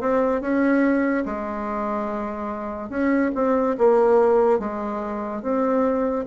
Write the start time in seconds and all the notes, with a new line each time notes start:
0.00 C4
0.41 C#4
1.25 G#3
2.89 C#4
3.34 C4
3.78 A#3
4.59 G#3
5.42 C4